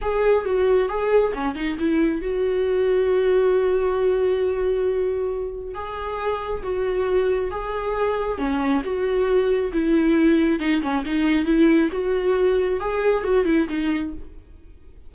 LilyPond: \new Staff \with { instrumentName = "viola" } { \time 4/4 \tempo 4 = 136 gis'4 fis'4 gis'4 cis'8 dis'8 | e'4 fis'2.~ | fis'1~ | fis'4 gis'2 fis'4~ |
fis'4 gis'2 cis'4 | fis'2 e'2 | dis'8 cis'8 dis'4 e'4 fis'4~ | fis'4 gis'4 fis'8 e'8 dis'4 | }